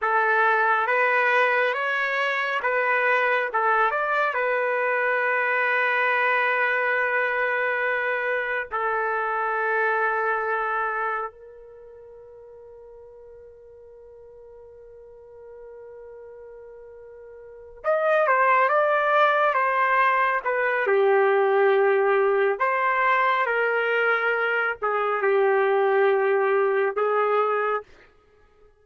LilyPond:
\new Staff \with { instrumentName = "trumpet" } { \time 4/4 \tempo 4 = 69 a'4 b'4 cis''4 b'4 | a'8 d''8 b'2.~ | b'2 a'2~ | a'4 ais'2.~ |
ais'1~ | ais'8 dis''8 c''8 d''4 c''4 b'8 | g'2 c''4 ais'4~ | ais'8 gis'8 g'2 gis'4 | }